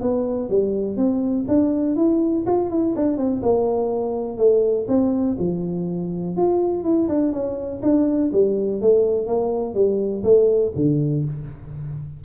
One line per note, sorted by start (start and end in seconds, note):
0.00 0.49 B3
0.49 0.96 G3
0.96 1.45 C4
1.48 1.96 D4
1.96 2.45 E4
2.46 2.70 F4
2.70 2.94 E4
2.95 3.17 D4
3.17 3.41 C4
3.42 4.37 A#3
4.37 4.86 A3
4.88 5.37 C4
5.38 6.36 F3
6.36 6.83 F4
6.83 7.08 E4
7.08 7.32 D4
7.32 7.81 C#4
7.82 8.31 D4
8.32 8.81 G3
8.81 9.27 A3
9.27 9.74 A#3
9.74 10.23 G3
10.23 10.72 A3
10.75 11.24 D3